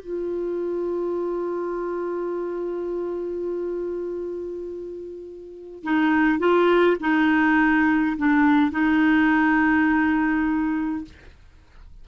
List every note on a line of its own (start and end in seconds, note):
0.00 5.83 F4
5.83 6.38 D#4
6.38 6.97 F4
7.00 8.16 D#4
8.17 8.71 D4
8.71 11.04 D#4